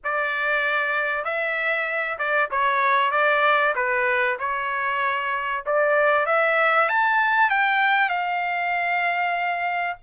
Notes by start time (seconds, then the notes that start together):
0.04 D5
1.24 E5
2.18 D5
2.50 C#5
3.11 D5
3.75 B4
4.39 C#5
5.66 D5
6.26 E5
6.89 A5
7.50 G5
8.09 F5